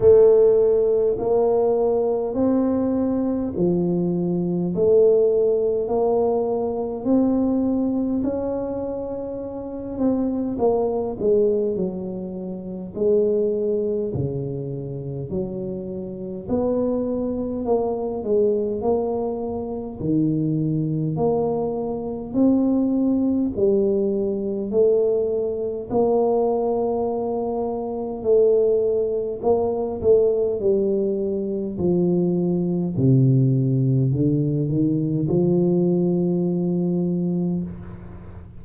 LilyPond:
\new Staff \with { instrumentName = "tuba" } { \time 4/4 \tempo 4 = 51 a4 ais4 c'4 f4 | a4 ais4 c'4 cis'4~ | cis'8 c'8 ais8 gis8 fis4 gis4 | cis4 fis4 b4 ais8 gis8 |
ais4 dis4 ais4 c'4 | g4 a4 ais2 | a4 ais8 a8 g4 f4 | c4 d8 dis8 f2 | }